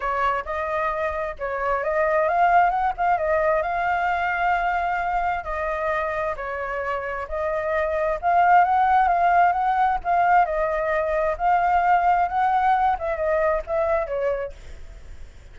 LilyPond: \new Staff \with { instrumentName = "flute" } { \time 4/4 \tempo 4 = 132 cis''4 dis''2 cis''4 | dis''4 f''4 fis''8 f''8 dis''4 | f''1 | dis''2 cis''2 |
dis''2 f''4 fis''4 | f''4 fis''4 f''4 dis''4~ | dis''4 f''2 fis''4~ | fis''8 e''8 dis''4 e''4 cis''4 | }